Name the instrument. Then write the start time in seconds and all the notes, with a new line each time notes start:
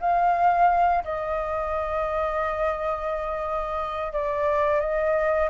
flute
0.00 F5
1.04 D#5
4.12 D5
4.80 D#5